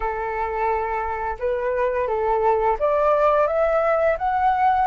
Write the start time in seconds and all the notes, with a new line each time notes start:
0.00 A4
1.39 B4
2.07 A4
2.79 D5
3.47 E5
4.18 F#5